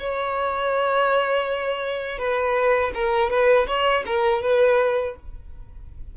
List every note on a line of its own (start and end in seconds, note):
0.00 2.19 C#5
2.19 2.92 B4
2.95 3.31 A#4
3.31 3.67 B4
3.68 4.04 C#5
4.06 4.42 A#4
4.42 5.16 B4